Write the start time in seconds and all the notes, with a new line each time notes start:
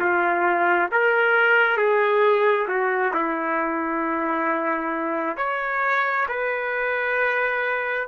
0.00 F4
0.92 A#4
1.77 G#4
2.68 F#4
3.14 E4
5.37 C#5
6.28 B4